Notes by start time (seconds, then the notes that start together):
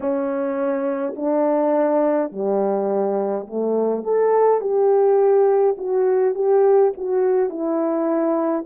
0.00 C#4
1.15 D4
2.31 G3
3.47 A3
4.03 A4
4.60 G4
5.77 F#4
6.35 G4
6.97 F#4
7.49 E4